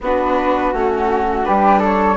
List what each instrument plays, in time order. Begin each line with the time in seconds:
0.00 bassoon B3, viola D4, flute F#4 B4
0.73 bassoon A3, viola C#4, flute F#4
1.43 bassoon G3, viola D4, flute G4 B4
1.78 flute A4
1.84 flute C#5